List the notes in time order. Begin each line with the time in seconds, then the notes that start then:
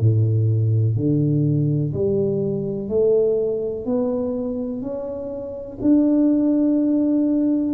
0.00 A2
0.96 D3
1.93 G3
2.89 A3
3.85 B3
4.82 C#4
5.81 D4